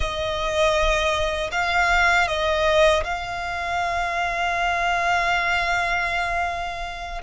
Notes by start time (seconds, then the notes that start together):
0.00 D#5
1.51 F5
2.27 D#5
3.03 F5